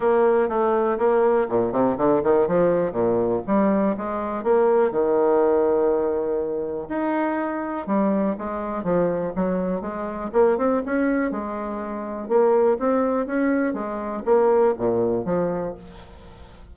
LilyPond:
\new Staff \with { instrumentName = "bassoon" } { \time 4/4 \tempo 4 = 122 ais4 a4 ais4 ais,8 c8 | d8 dis8 f4 ais,4 g4 | gis4 ais4 dis2~ | dis2 dis'2 |
g4 gis4 f4 fis4 | gis4 ais8 c'8 cis'4 gis4~ | gis4 ais4 c'4 cis'4 | gis4 ais4 ais,4 f4 | }